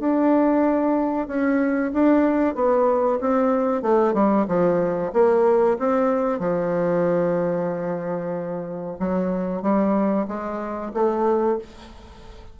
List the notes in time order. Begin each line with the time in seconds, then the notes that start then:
0.00 D4
1.28 C#4
1.94 D4
2.55 B3
3.21 C4
3.82 A3
4.14 G3
4.48 F3
5.13 A#3
5.79 C4
6.40 F3
9.00 F#3
9.63 G3
10.28 G#3
10.94 A3